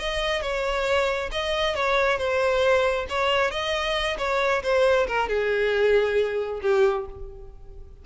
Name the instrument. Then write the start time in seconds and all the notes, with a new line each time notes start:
violin
0.00 D#5
0.42 C#5
1.32 D#5
1.75 C#5
2.18 C5
3.09 C#5
3.51 D#5
4.19 C#5
4.63 C5
5.08 A#4
5.29 G#4
6.62 G4